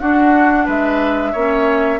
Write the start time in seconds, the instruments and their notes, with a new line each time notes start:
0.00 bassoon D4, clarinet D4, oboe F#4, flute F#5
0.66 bassoon G#3, oboe B4, flute E5
1.32 bassoon A#3, clarinet C#4, oboe C#5